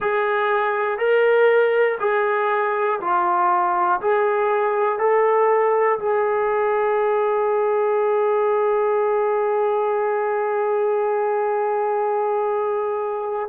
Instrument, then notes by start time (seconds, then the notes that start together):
trombone
0.00 G#4
0.98 A#4
2.00 G#4
3.00 F4
4.00 G#4
4.98 A4
5.99 G#4